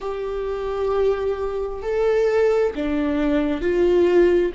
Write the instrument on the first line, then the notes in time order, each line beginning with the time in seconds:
viola
0.00 G4
1.82 A4
2.75 D4
3.61 F4